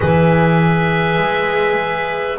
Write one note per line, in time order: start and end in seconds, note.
0.00 1.18 E3
0.00 2.38 G#4
0.00 2.38 B4
0.00 2.38 E5
1.18 2.38 G#3